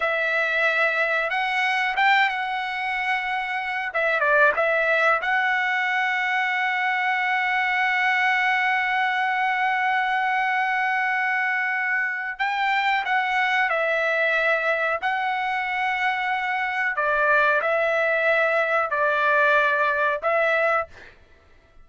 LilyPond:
\new Staff \with { instrumentName = "trumpet" } { \time 4/4 \tempo 4 = 92 e''2 fis''4 g''8 fis''8~ | fis''2 e''8 d''8 e''4 | fis''1~ | fis''1~ |
fis''2. g''4 | fis''4 e''2 fis''4~ | fis''2 d''4 e''4~ | e''4 d''2 e''4 | }